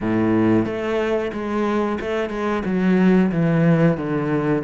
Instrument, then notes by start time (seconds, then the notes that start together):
cello
0.00 A2
0.65 A3
1.32 G#3
2.00 A3
2.29 G#3
2.65 F#3
3.31 E3
3.97 D3